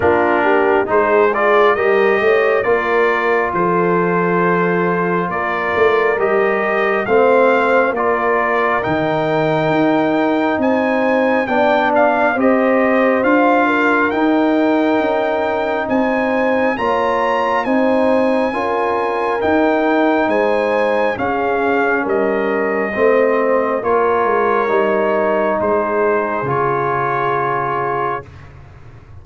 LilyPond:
<<
  \new Staff \with { instrumentName = "trumpet" } { \time 4/4 \tempo 4 = 68 ais'4 c''8 d''8 dis''4 d''4 | c''2 d''4 dis''4 | f''4 d''4 g''2 | gis''4 g''8 f''8 dis''4 f''4 |
g''2 gis''4 ais''4 | gis''2 g''4 gis''4 | f''4 dis''2 cis''4~ | cis''4 c''4 cis''2 | }
  \new Staff \with { instrumentName = "horn" } { \time 4/4 f'8 g'8 gis'4 ais'8 cis''8 ais'4 | a'2 ais'2 | c''4 ais'2. | c''4 d''4 c''4. ais'8~ |
ais'2 c''4 cis''4 | c''4 ais'2 c''4 | gis'4 ais'4 c''4 ais'4~ | ais'4 gis'2. | }
  \new Staff \with { instrumentName = "trombone" } { \time 4/4 d'4 dis'8 f'8 g'4 f'4~ | f'2. g'4 | c'4 f'4 dis'2~ | dis'4 d'4 g'4 f'4 |
dis'2. f'4 | dis'4 f'4 dis'2 | cis'2 c'4 f'4 | dis'2 f'2 | }
  \new Staff \with { instrumentName = "tuba" } { \time 4/4 ais4 gis4 g8 a8 ais4 | f2 ais8 a8 g4 | a4 ais4 dis4 dis'4 | c'4 b4 c'4 d'4 |
dis'4 cis'4 c'4 ais4 | c'4 cis'4 dis'4 gis4 | cis'4 g4 a4 ais8 gis8 | g4 gis4 cis2 | }
>>